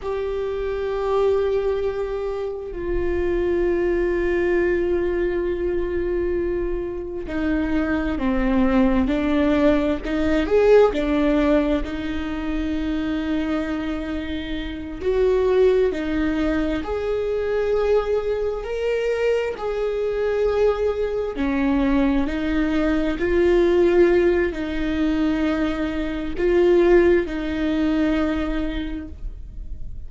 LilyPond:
\new Staff \with { instrumentName = "viola" } { \time 4/4 \tempo 4 = 66 g'2. f'4~ | f'1 | dis'4 c'4 d'4 dis'8 gis'8 | d'4 dis'2.~ |
dis'8 fis'4 dis'4 gis'4.~ | gis'8 ais'4 gis'2 cis'8~ | cis'8 dis'4 f'4. dis'4~ | dis'4 f'4 dis'2 | }